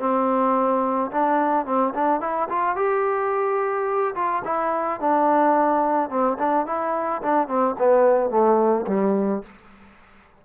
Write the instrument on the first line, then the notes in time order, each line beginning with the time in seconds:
trombone
0.00 C4
1.12 D4
1.66 C4
1.95 D4
2.21 E4
2.49 F4
2.76 G4
4.15 F4
4.45 E4
5.01 D4
6.10 C4
6.39 D4
6.67 E4
7.23 D4
7.48 C4
7.79 B3
8.31 A3
8.87 G3